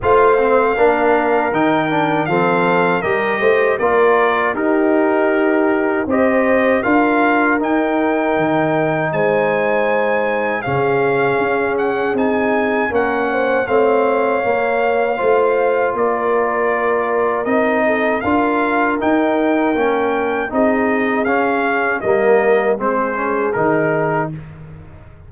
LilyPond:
<<
  \new Staff \with { instrumentName = "trumpet" } { \time 4/4 \tempo 4 = 79 f''2 g''4 f''4 | dis''4 d''4 ais'2 | dis''4 f''4 g''2 | gis''2 f''4. fis''8 |
gis''4 fis''4 f''2~ | f''4 d''2 dis''4 | f''4 g''2 dis''4 | f''4 dis''4 c''4 ais'4 | }
  \new Staff \with { instrumentName = "horn" } { \time 4/4 c''4 ais'2 a'4 | ais'8 c''8 ais'4 g'2 | c''4 ais'2. | c''2 gis'2~ |
gis'4 ais'8 c''8 cis''2 | c''4 ais'2~ ais'8 a'8 | ais'2. gis'4~ | gis'4 ais'4 gis'2 | }
  \new Staff \with { instrumentName = "trombone" } { \time 4/4 f'8 c'8 d'4 dis'8 d'8 c'4 | g'4 f'4 dis'2 | g'4 f'4 dis'2~ | dis'2 cis'2 |
dis'4 cis'4 c'4 ais4 | f'2. dis'4 | f'4 dis'4 cis'4 dis'4 | cis'4 ais4 c'8 cis'8 dis'4 | }
  \new Staff \with { instrumentName = "tuba" } { \time 4/4 a4 ais4 dis4 f4 | g8 a8 ais4 dis'2 | c'4 d'4 dis'4 dis4 | gis2 cis4 cis'4 |
c'4 ais4 a4 ais4 | a4 ais2 c'4 | d'4 dis'4 ais4 c'4 | cis'4 g4 gis4 dis4 | }
>>